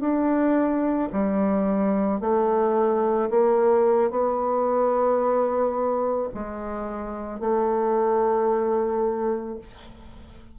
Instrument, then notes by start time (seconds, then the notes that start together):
bassoon
0.00 D4
1.13 G3
2.21 A3
3.30 A#3
4.11 B3
6.34 G#3
7.40 A3